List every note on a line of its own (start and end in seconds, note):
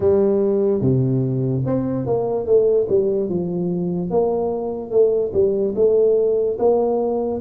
0.00 0.81 G3
0.81 1.63 C3
1.65 2.06 C4
2.06 2.46 A#3
2.46 2.87 A3
2.89 3.29 G3
3.29 4.10 F3
4.10 4.91 A#3
4.91 5.32 A3
5.33 5.74 G3
5.75 6.58 A3
6.58 7.40 A#3